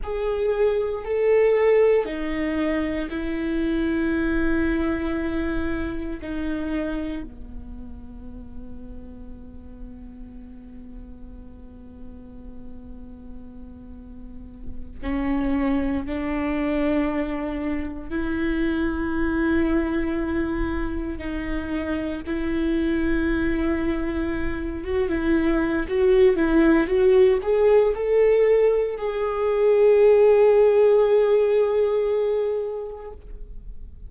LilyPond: \new Staff \with { instrumentName = "viola" } { \time 4/4 \tempo 4 = 58 gis'4 a'4 dis'4 e'4~ | e'2 dis'4 b4~ | b1~ | b2~ b8 cis'4 d'8~ |
d'4. e'2~ e'8~ | e'8 dis'4 e'2~ e'8 | fis'16 e'8. fis'8 e'8 fis'8 gis'8 a'4 | gis'1 | }